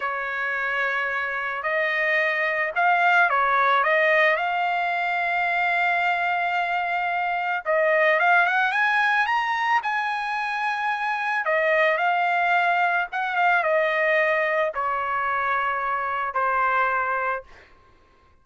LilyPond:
\new Staff \with { instrumentName = "trumpet" } { \time 4/4 \tempo 4 = 110 cis''2. dis''4~ | dis''4 f''4 cis''4 dis''4 | f''1~ | f''2 dis''4 f''8 fis''8 |
gis''4 ais''4 gis''2~ | gis''4 dis''4 f''2 | fis''8 f''8 dis''2 cis''4~ | cis''2 c''2 | }